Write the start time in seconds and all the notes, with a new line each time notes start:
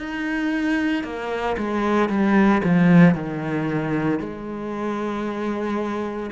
0.00 D#4
1.04 A#3
1.57 G#3
2.10 G3
2.65 F3
3.15 D#3
4.20 G#3